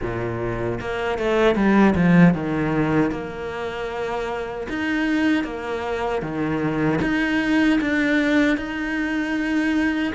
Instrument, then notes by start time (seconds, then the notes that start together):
cello
0.01 A#2
0.80 A#3
1.18 A3
1.55 G3
1.95 F3
2.34 D#3
3.11 A#3
4.69 D#4
5.44 A#3
6.21 D#3
7.01 D#4
7.80 D4
8.57 D#4